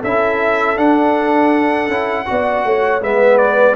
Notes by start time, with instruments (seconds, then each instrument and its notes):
0.00 tuba C#4, trombone E4, horn A4, trumpet E5
0.77 tuba D4, trombone D4, trumpet F#5
1.88 tuba C#4, trombone E4
2.26 tuba B3, trombone F#4, horn D5
2.64 tuba A3, horn C#5
3.01 tuba G#3, trombone B3, horn B4, trumpet E5
3.38 trumpet D5